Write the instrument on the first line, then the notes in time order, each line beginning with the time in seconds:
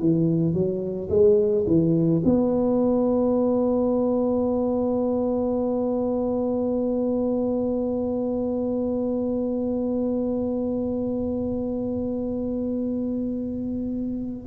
tuba
0.00 E3
0.54 F#3
1.10 G#3
1.67 E3
2.25 B3